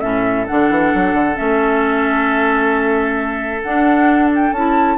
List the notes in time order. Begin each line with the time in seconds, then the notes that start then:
0.00 A2 C#4 A4 E5
0.46 D3 D4 F#5
0.69 E3
0.94 F#3
1.13 D3
1.35 A3 C#4 E5
3.62 D4 F#5
4.35 G5
4.52 C#4 E4 A5